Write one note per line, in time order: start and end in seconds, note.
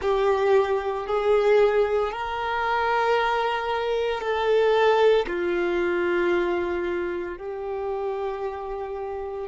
0.01 1.06 G4
1.07 2.11 G#4
2.11 4.21 A#4
4.21 5.26 A4
5.27 7.37 F4
7.37 9.47 G4